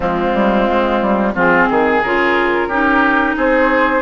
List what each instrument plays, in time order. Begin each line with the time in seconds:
0.00 bassoon F3, clarinet G#3, oboe C4, flute F4
0.33 bassoon G3
0.69 bassoon G#3
1.01 bassoon G3
1.34 bassoon F3, clarinet C4, oboe F4, flute G#4
1.69 bassoon D#3, oboe G#4
2.03 bassoon C#3, clarinet F4, flute A#4
2.67 bassoon C#4, clarinet D#4, oboe G4
3.36 bassoon C4, oboe G#4, flute C5